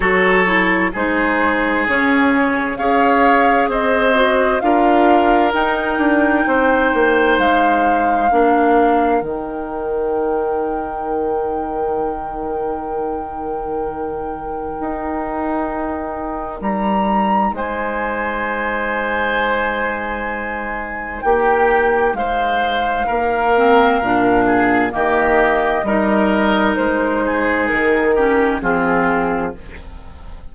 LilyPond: <<
  \new Staff \with { instrumentName = "flute" } { \time 4/4 \tempo 4 = 65 cis''4 c''4 cis''4 f''4 | dis''4 f''4 g''2 | f''2 g''2~ | g''1~ |
g''2 ais''4 gis''4~ | gis''2. g''4 | f''2. dis''4~ | dis''4 c''4 ais'4 gis'4 | }
  \new Staff \with { instrumentName = "oboe" } { \time 4/4 a'4 gis'2 cis''4 | c''4 ais'2 c''4~ | c''4 ais'2.~ | ais'1~ |
ais'2. c''4~ | c''2. g'4 | c''4 ais'4. gis'8 g'4 | ais'4. gis'4 g'8 f'4 | }
  \new Staff \with { instrumentName = "clarinet" } { \time 4/4 fis'8 e'8 dis'4 cis'4 gis'4~ | gis'8 fis'8 f'4 dis'2~ | dis'4 d'4 dis'2~ | dis'1~ |
dis'1~ | dis'1~ | dis'4. c'8 d'4 ais4 | dis'2~ dis'8 cis'8 c'4 | }
  \new Staff \with { instrumentName = "bassoon" } { \time 4/4 fis4 gis4 cis4 cis'4 | c'4 d'4 dis'8 d'8 c'8 ais8 | gis4 ais4 dis2~ | dis1 |
dis'2 g4 gis4~ | gis2. ais4 | gis4 ais4 ais,4 dis4 | g4 gis4 dis4 f4 | }
>>